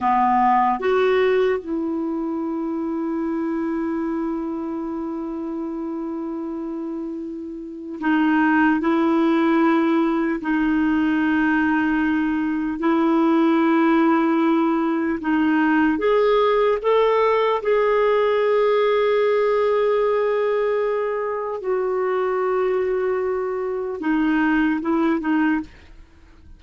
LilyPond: \new Staff \with { instrumentName = "clarinet" } { \time 4/4 \tempo 4 = 75 b4 fis'4 e'2~ | e'1~ | e'2 dis'4 e'4~ | e'4 dis'2. |
e'2. dis'4 | gis'4 a'4 gis'2~ | gis'2. fis'4~ | fis'2 dis'4 e'8 dis'8 | }